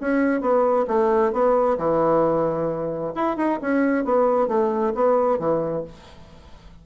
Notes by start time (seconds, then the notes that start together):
0.00 C#4
0.40 B3
0.87 A3
1.32 B3
1.78 E3
3.15 E4
3.36 D#4
3.61 C#4
4.04 B3
4.47 A3
4.94 B3
5.39 E3